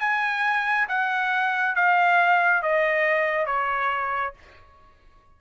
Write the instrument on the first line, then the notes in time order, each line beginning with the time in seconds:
trumpet
0.00 G#5
0.89 F#5
1.75 F5
2.62 D#5
3.46 C#5